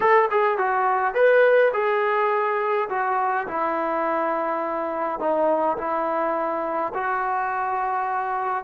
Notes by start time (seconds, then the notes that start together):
0.00 A4
0.30 G#4
0.58 F#4
1.14 B4
1.73 G#4
2.89 F#4
3.47 E4
5.19 D#4
5.77 E4
6.94 F#4